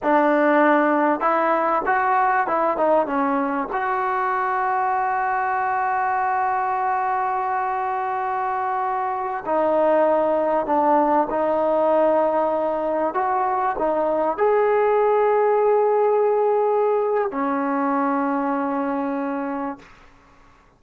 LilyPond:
\new Staff \with { instrumentName = "trombone" } { \time 4/4 \tempo 4 = 97 d'2 e'4 fis'4 | e'8 dis'8 cis'4 fis'2~ | fis'1~ | fis'2.~ fis'16 dis'8.~ |
dis'4~ dis'16 d'4 dis'4.~ dis'16~ | dis'4~ dis'16 fis'4 dis'4 gis'8.~ | gis'1 | cis'1 | }